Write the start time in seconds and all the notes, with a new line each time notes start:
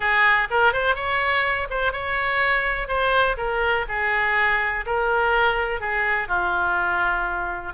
0.00 G#4
0.50 A#4
0.73 C5
0.95 C#5
1.70 C5
1.92 C#5
2.88 C5
3.37 A#4
3.88 G#4
4.86 A#4
5.80 G#4
6.28 F4